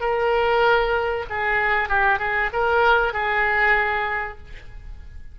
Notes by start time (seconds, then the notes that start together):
0.00 A#4
1.29 G#4
1.88 G4
2.18 G#4
2.53 A#4
3.13 G#4